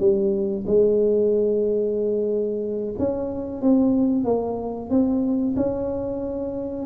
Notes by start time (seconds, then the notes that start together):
0.00 G3
0.67 G#3
2.99 C#4
3.62 C4
4.25 A#3
4.91 C4
5.57 C#4